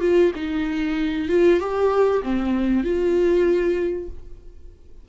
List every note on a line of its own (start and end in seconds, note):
0.00 0.31 F4
0.35 1.28 D#4
1.28 1.60 F4
1.60 2.22 G4
2.22 2.83 C4
2.83 4.08 F4